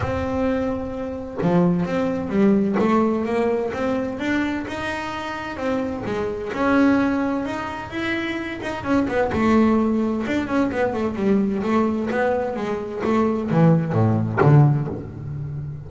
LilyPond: \new Staff \with { instrumentName = "double bass" } { \time 4/4 \tempo 4 = 129 c'2. f4 | c'4 g4 a4 ais4 | c'4 d'4 dis'2 | c'4 gis4 cis'2 |
dis'4 e'4. dis'8 cis'8 b8 | a2 d'8 cis'8 b8 a8 | g4 a4 b4 gis4 | a4 e4 a,4 d4 | }